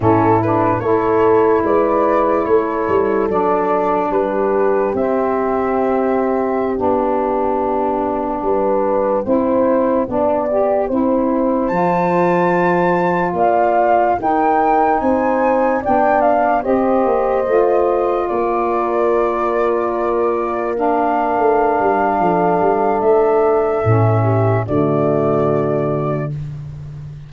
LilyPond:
<<
  \new Staff \with { instrumentName = "flute" } { \time 4/4 \tempo 4 = 73 a'8 b'8 cis''4 d''4 cis''4 | d''4 b'4 e''2~ | e''16 g''2.~ g''8.~ | g''2~ g''16 a''4.~ a''16~ |
a''16 f''4 g''4 gis''4 g''8 f''16~ | f''16 dis''2 d''4.~ d''16~ | d''4~ d''16 f''2~ f''8. | e''2 d''2 | }
  \new Staff \with { instrumentName = "horn" } { \time 4/4 e'4 a'4 b'4 a'4~ | a'4 g'2.~ | g'2~ g'16 b'4 c''8.~ | c''16 d''4 c''2~ c''8.~ |
c''16 d''4 ais'4 c''4 d''8.~ | d''16 c''2 ais'4.~ ais'16~ | ais'2. a'4~ | a'4. g'8 fis'2 | }
  \new Staff \with { instrumentName = "saxophone" } { \time 4/4 cis'8 d'8 e'2. | d'2 c'2~ | c'16 d'2. e'8.~ | e'16 d'8 g'8 e'4 f'4.~ f'16~ |
f'4~ f'16 dis'2 d'8.~ | d'16 g'4 f'2~ f'8.~ | f'4~ f'16 d'2~ d'8.~ | d'4 cis'4 a2 | }
  \new Staff \with { instrumentName = "tuba" } { \time 4/4 a,4 a4 gis4 a8 g8 | fis4 g4 c'2~ | c'16 b2 g4 c'8.~ | c'16 b4 c'4 f4.~ f16~ |
f16 ais4 dis'4 c'4 b8.~ | b16 c'8 ais8 a4 ais4.~ ais16~ | ais2 a8 g8 f8 g8 | a4 a,4 d2 | }
>>